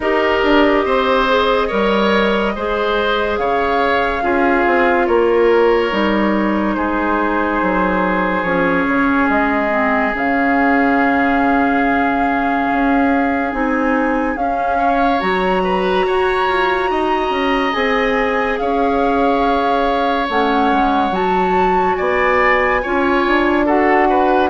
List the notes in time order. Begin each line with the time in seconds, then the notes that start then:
0.00 D#4 G4 A#4 D#5
0.43 D4
0.85 C4 C5
1.28 G#4
1.67 G3 A#4 C#5
2.55 G#3 G#4 C5
3.37 C#3 C#5 F5
4.22 C#4 F4 G#4
4.66 C4
5.06 A#3 A#4 C#5
5.90 G3 D#4
6.74 G#3 G#4 C5
7.62 F#3
8.43 F3 C#4 C#5
8.87 C#3
9.29 G#3 D#5
9.70 C4
10.14 C#3 C#4 F5
12.72 C#4
13.51 C4 D#4 G#5
14.35 C#4 F5
14.77 C#5
15.19 F#3 F#4 A#5
15.63 B4
16.06 F#4 C#5
16.48 F4
16.90 D#4 D#5
17.30 C#4
17.72 C4 G#4 G#5
18.58 C#4 C#5 F5
20.29 A3 C#4 F#5
20.71 G#3
21.10 F#3 F#4 A5
21.95 B3 D5 G#5
22.82 C#4 F4 C#5
23.26 D4
23.65 F#4 A4 F#5
24.09 B4